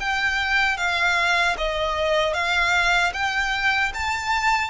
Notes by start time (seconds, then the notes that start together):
0.00 G5
0.78 F5
1.58 D#5
2.34 F5
3.14 G5
3.94 A5